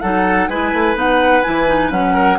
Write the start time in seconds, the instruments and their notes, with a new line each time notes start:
0.00 bassoon F#3, clarinet D#4, oboe A4, flute F#5
0.48 bassoon G#3, clarinet E4, oboe B4, flute G#5
0.72 bassoon A3
0.94 bassoon B3, clarinet D#4, flute F#5
1.42 bassoon E3, clarinet E4, flute G#5
1.68 clarinet D#4
1.90 bassoon F#3, clarinet C#4, flute F#5
2.14 oboe A#4